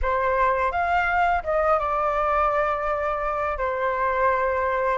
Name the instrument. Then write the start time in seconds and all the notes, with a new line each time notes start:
flute
0.02 C5
0.71 F5
1.43 D#5
1.79 D5
3.58 C5